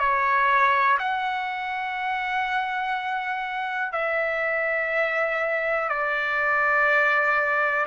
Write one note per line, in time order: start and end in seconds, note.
0.00 0.98 C#5
0.99 3.93 F#5
3.93 5.90 E5
5.90 7.86 D5